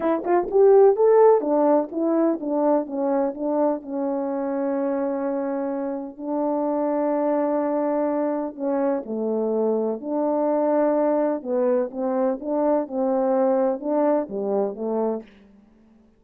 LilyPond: \new Staff \with { instrumentName = "horn" } { \time 4/4 \tempo 4 = 126 e'8 f'8 g'4 a'4 d'4 | e'4 d'4 cis'4 d'4 | cis'1~ | cis'4 d'2.~ |
d'2 cis'4 a4~ | a4 d'2. | b4 c'4 d'4 c'4~ | c'4 d'4 g4 a4 | }